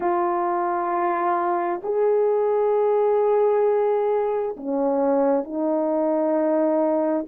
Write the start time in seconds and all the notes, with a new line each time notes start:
0.00 F4
1.83 G#4
4.56 C#4
5.43 D#4